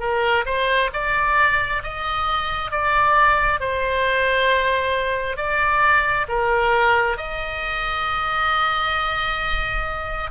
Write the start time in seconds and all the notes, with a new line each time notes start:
0.00 A#4
0.46 C5
0.93 D5
1.84 D#5
2.71 D5
3.60 C5
5.37 D5
6.28 A#4
7.18 D#5